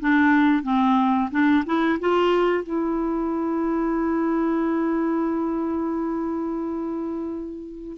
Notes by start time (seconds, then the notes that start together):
0.00 D4
0.63 C4
1.31 D4
1.65 E4
2.00 F4
2.63 E4